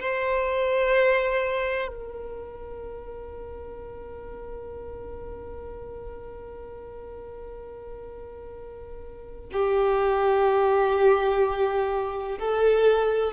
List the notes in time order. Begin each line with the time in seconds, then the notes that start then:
0.00 C5
1.88 A#4
9.53 G4
12.39 A4